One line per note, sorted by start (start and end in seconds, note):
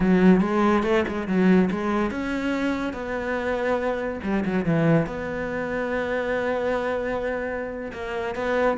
0.00 0.41 F#3
0.41 0.83 G#3
0.83 1.04 A3
1.08 1.27 G#3
1.27 1.69 F#3
1.70 2.10 G#3
2.10 2.93 C#4
2.93 4.19 B3
4.23 4.44 G3
4.45 4.65 F#3
4.65 5.06 E3
5.06 7.91 B3
7.92 8.35 A#3
8.35 8.77 B3